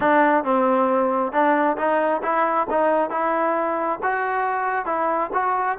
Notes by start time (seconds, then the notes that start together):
0.00 D4
0.43 C4
1.32 D4
1.77 D#4
2.22 E4
2.69 D#4
3.10 E4
4.03 F#4
4.85 E4
5.33 F#4